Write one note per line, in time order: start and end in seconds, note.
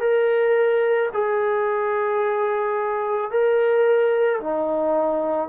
0.00 1.09 A#4
1.13 3.31 G#4
3.31 4.40 A#4
4.40 5.48 D#4